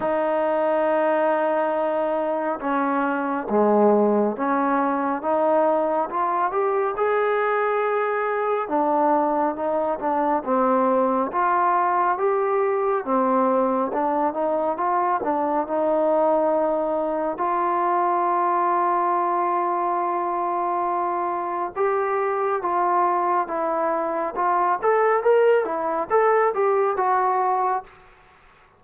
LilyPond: \new Staff \with { instrumentName = "trombone" } { \time 4/4 \tempo 4 = 69 dis'2. cis'4 | gis4 cis'4 dis'4 f'8 g'8 | gis'2 d'4 dis'8 d'8 | c'4 f'4 g'4 c'4 |
d'8 dis'8 f'8 d'8 dis'2 | f'1~ | f'4 g'4 f'4 e'4 | f'8 a'8 ais'8 e'8 a'8 g'8 fis'4 | }